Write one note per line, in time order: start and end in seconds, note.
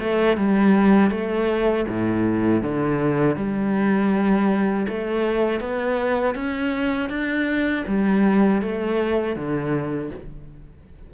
0.00 0.37 A3
0.37 1.11 G3
1.11 1.86 A3
1.88 2.62 A2
2.62 3.36 D3
3.36 4.86 G3
4.88 5.60 A3
5.60 6.35 B3
6.35 7.09 C#4
7.09 7.84 D4
7.87 8.62 G3
8.62 9.36 A3
9.36 10.11 D3